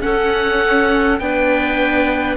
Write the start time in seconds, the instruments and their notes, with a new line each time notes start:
0.00 viola C#4, cello C#4, clarinet A4, oboe F#5
1.19 cello B3, viola D4, clarinet B4, oboe G5